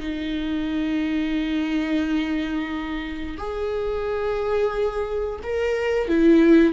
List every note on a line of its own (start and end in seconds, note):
0.00 3.37 D#4
3.38 5.40 G#4
5.43 6.08 A#4
6.08 6.73 E4